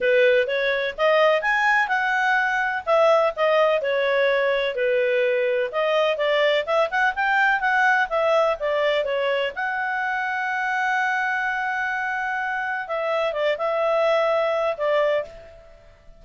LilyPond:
\new Staff \with { instrumentName = "clarinet" } { \time 4/4 \tempo 4 = 126 b'4 cis''4 dis''4 gis''4 | fis''2 e''4 dis''4 | cis''2 b'2 | dis''4 d''4 e''8 fis''8 g''4 |
fis''4 e''4 d''4 cis''4 | fis''1~ | fis''2. e''4 | d''8 e''2~ e''8 d''4 | }